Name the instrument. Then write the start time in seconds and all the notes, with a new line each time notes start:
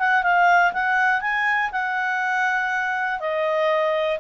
clarinet
0.00 F#5
0.24 F5
0.73 F#5
1.22 G#5
1.72 F#5
3.20 D#5